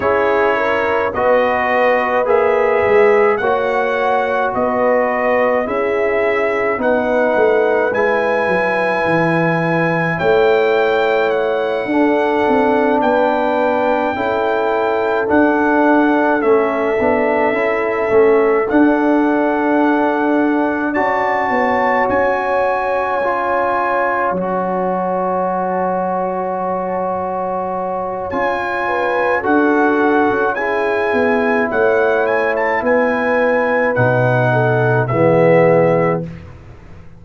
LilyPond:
<<
  \new Staff \with { instrumentName = "trumpet" } { \time 4/4 \tempo 4 = 53 cis''4 dis''4 e''4 fis''4 | dis''4 e''4 fis''4 gis''4~ | gis''4 g''4 fis''4. g''8~ | g''4. fis''4 e''4.~ |
e''8 fis''2 a''4 gis''8~ | gis''4. a''2~ a''8~ | a''4 gis''4 fis''4 gis''4 | fis''8 gis''16 a''16 gis''4 fis''4 e''4 | }
  \new Staff \with { instrumentName = "horn" } { \time 4/4 gis'8 ais'8 b'2 cis''4 | b'4 gis'4 b'2~ | b'4 cis''4. a'4 b'8~ | b'8 a'2.~ a'8~ |
a'2~ a'8 d''8 cis''4~ | cis''1~ | cis''4. b'8 a'4 gis'4 | cis''4 b'4. a'8 gis'4 | }
  \new Staff \with { instrumentName = "trombone" } { \time 4/4 e'4 fis'4 gis'4 fis'4~ | fis'4 e'4 dis'4 e'4~ | e'2~ e'8 d'4.~ | d'8 e'4 d'4 cis'8 d'8 e'8 |
cis'8 d'2 fis'4.~ | fis'8 f'4 fis'2~ fis'8~ | fis'4 f'4 fis'4 e'4~ | e'2 dis'4 b4 | }
  \new Staff \with { instrumentName = "tuba" } { \time 4/4 cis'4 b4 ais8 gis8 ais4 | b4 cis'4 b8 a8 gis8 fis8 | e4 a4. d'8 c'8 b8~ | b8 cis'4 d'4 a8 b8 cis'8 |
a8 d'2 cis'8 b8 cis'8~ | cis'4. fis2~ fis8~ | fis4 cis'4 d'8. cis'8. b8 | a4 b4 b,4 e4 | }
>>